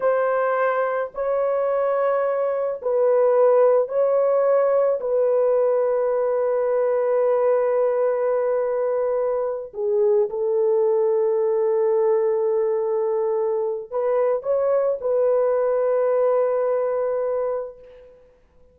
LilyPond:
\new Staff \with { instrumentName = "horn" } { \time 4/4 \tempo 4 = 108 c''2 cis''2~ | cis''4 b'2 cis''4~ | cis''4 b'2.~ | b'1~ |
b'4. gis'4 a'4.~ | a'1~ | a'4 b'4 cis''4 b'4~ | b'1 | }